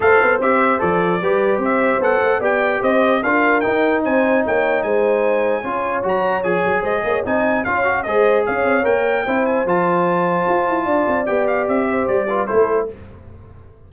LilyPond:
<<
  \new Staff \with { instrumentName = "trumpet" } { \time 4/4 \tempo 4 = 149 f''4 e''4 d''2 | e''4 fis''4 g''4 dis''4 | f''4 g''4 gis''4 g''4 | gis''2. ais''4 |
gis''4 dis''4 gis''4 f''4 | dis''4 f''4 g''4. gis''8 | a''1 | g''8 f''8 e''4 d''4 c''4 | }
  \new Staff \with { instrumentName = "horn" } { \time 4/4 c''2. b'4 | c''2 d''4 c''4 | ais'2 c''4 cis''4 | c''2 cis''2~ |
cis''4 c''8 cis''8 dis''4 cis''4 | c''4 cis''2 c''4~ | c''2. d''4~ | d''4. c''4 b'8 a'4 | }
  \new Staff \with { instrumentName = "trombone" } { \time 4/4 a'4 g'4 a'4 g'4~ | g'4 a'4 g'2 | f'4 dis'2.~ | dis'2 f'4 fis'4 |
gis'2 dis'4 f'8 fis'8 | gis'2 ais'4 e'4 | f'1 | g'2~ g'8 f'8 e'4 | }
  \new Staff \with { instrumentName = "tuba" } { \time 4/4 a8 b8 c'4 f4 g4 | c'4 b8 a8 b4 c'4 | d'4 dis'4 c'4 ais4 | gis2 cis'4 fis4 |
f8 fis8 gis8 ais8 c'4 cis'4 | gis4 cis'8 c'8 ais4 c'4 | f2 f'8 e'8 d'8 c'8 | b4 c'4 g4 a4 | }
>>